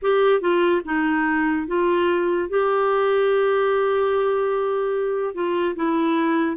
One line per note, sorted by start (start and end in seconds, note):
0.02 0.40 G4
0.40 0.81 F4
0.84 1.67 D#4
1.67 2.49 F4
2.49 5.34 G4
5.34 5.75 F4
5.75 6.56 E4